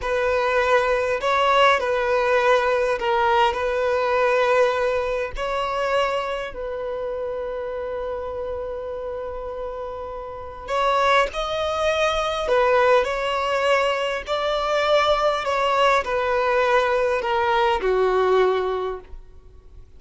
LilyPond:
\new Staff \with { instrumentName = "violin" } { \time 4/4 \tempo 4 = 101 b'2 cis''4 b'4~ | b'4 ais'4 b'2~ | b'4 cis''2 b'4~ | b'1~ |
b'2 cis''4 dis''4~ | dis''4 b'4 cis''2 | d''2 cis''4 b'4~ | b'4 ais'4 fis'2 | }